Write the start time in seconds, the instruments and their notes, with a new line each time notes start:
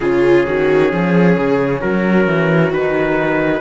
0.00 cello C#3, horn C#4, viola F4, trumpet G#4
0.46 cello D#3, viola F#4
0.92 cello F3, viola G#4
1.37 cello C#3
1.80 cello F#3, viola F#4, trumpet A#4
2.27 cello E3
2.70 cello D#3, horn D#4, trumpet B4